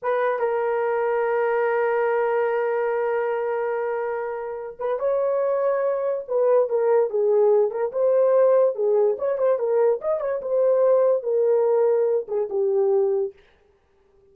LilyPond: \new Staff \with { instrumentName = "horn" } { \time 4/4 \tempo 4 = 144 b'4 ais'2.~ | ais'1~ | ais'2.~ ais'8 b'8 | cis''2. b'4 |
ais'4 gis'4. ais'8 c''4~ | c''4 gis'4 cis''8 c''8 ais'4 | dis''8 cis''8 c''2 ais'4~ | ais'4. gis'8 g'2 | }